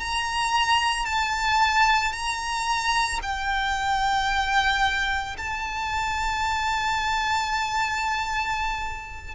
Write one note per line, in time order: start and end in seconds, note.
0.00 1.06 A#5
1.06 2.13 A5
2.13 3.20 A#5
3.22 5.37 G5
5.38 9.35 A5